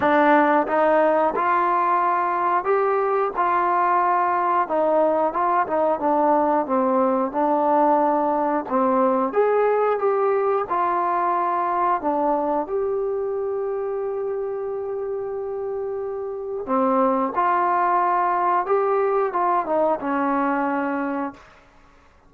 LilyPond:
\new Staff \with { instrumentName = "trombone" } { \time 4/4 \tempo 4 = 90 d'4 dis'4 f'2 | g'4 f'2 dis'4 | f'8 dis'8 d'4 c'4 d'4~ | d'4 c'4 gis'4 g'4 |
f'2 d'4 g'4~ | g'1~ | g'4 c'4 f'2 | g'4 f'8 dis'8 cis'2 | }